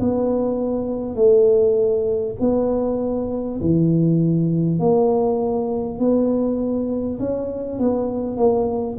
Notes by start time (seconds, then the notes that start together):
0.00 B3
1.16 A3
2.41 B3
3.62 E3
4.79 A#3
5.99 B3
7.20 C#4
7.79 B3
8.37 A#3